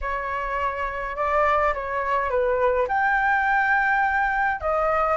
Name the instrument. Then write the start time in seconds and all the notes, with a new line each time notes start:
flute
0.01 C#5
1.16 D5
1.73 C#5
2.29 B4
2.87 G5
4.60 D#5